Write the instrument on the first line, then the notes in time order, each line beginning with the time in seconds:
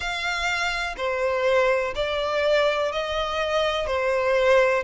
violin
0.00 F5
0.97 C5
1.95 D5
2.92 D#5
3.86 C5